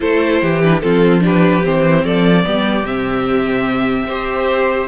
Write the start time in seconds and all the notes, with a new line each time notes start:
0.00 A3 E4 A4 C5
0.41 E3 G4
0.62 D4 B4
0.80 F3 C4 F4 A4
1.20 D4 G4 B4
1.63 E3 C4 C5
2.04 F3 A4 D5
2.43 G3 B3 G4
2.82 C3 C4 E5
4.06 C4 G4 C5